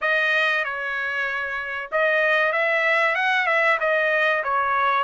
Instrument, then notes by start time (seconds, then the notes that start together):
trumpet
0.01 D#5
0.64 C#5
1.91 D#5
2.52 E5
3.15 F#5
3.46 E5
3.80 D#5
4.43 C#5